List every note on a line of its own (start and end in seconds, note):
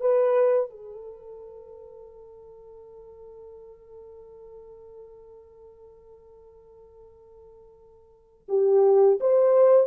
0.00 0.70 B4
0.70 8.46 A4
8.48 9.19 G4
9.20 9.87 C5